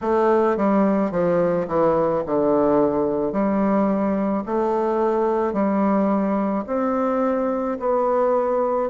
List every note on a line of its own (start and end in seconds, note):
0.01 0.56 A3
0.56 1.11 G3
1.11 1.67 F3
1.67 2.23 E3
2.25 3.32 D3
3.32 4.43 G3
4.45 5.53 A3
5.53 6.64 G3
6.67 7.78 C4
7.79 8.89 B3